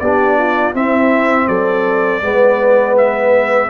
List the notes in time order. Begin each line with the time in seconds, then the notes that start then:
0.00 B3 D4 G4 D5
0.38 F4
0.74 C4 E4 E5
1.48 F#3 A4 D5
2.22 G#3 B3 B4
2.98 E5